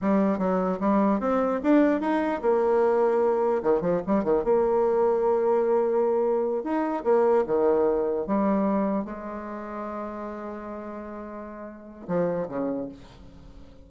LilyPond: \new Staff \with { instrumentName = "bassoon" } { \time 4/4 \tempo 4 = 149 g4 fis4 g4 c'4 | d'4 dis'4 ais2~ | ais4 dis8 f8 g8 dis8 ais4~ | ais1~ |
ais8 dis'4 ais4 dis4.~ | dis8 g2 gis4.~ | gis1~ | gis2 f4 cis4 | }